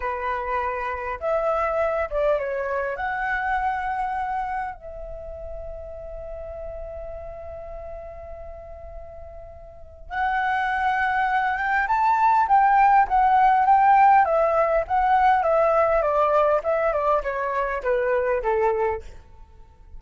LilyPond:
\new Staff \with { instrumentName = "flute" } { \time 4/4 \tempo 4 = 101 b'2 e''4. d''8 | cis''4 fis''2. | e''1~ | e''1~ |
e''4 fis''2~ fis''8 g''8 | a''4 g''4 fis''4 g''4 | e''4 fis''4 e''4 d''4 | e''8 d''8 cis''4 b'4 a'4 | }